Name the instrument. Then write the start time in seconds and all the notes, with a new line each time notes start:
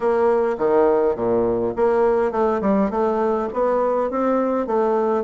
bassoon
0.00 A#3
0.57 D#3
1.15 A#2
1.76 A#3
2.31 A3
2.61 G3
2.90 A3
3.53 B3
4.10 C4
4.66 A3